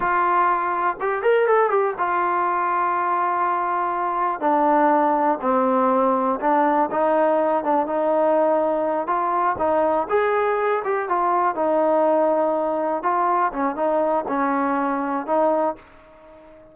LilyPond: \new Staff \with { instrumentName = "trombone" } { \time 4/4 \tempo 4 = 122 f'2 g'8 ais'8 a'8 g'8 | f'1~ | f'4 d'2 c'4~ | c'4 d'4 dis'4. d'8 |
dis'2~ dis'8 f'4 dis'8~ | dis'8 gis'4. g'8 f'4 dis'8~ | dis'2~ dis'8 f'4 cis'8 | dis'4 cis'2 dis'4 | }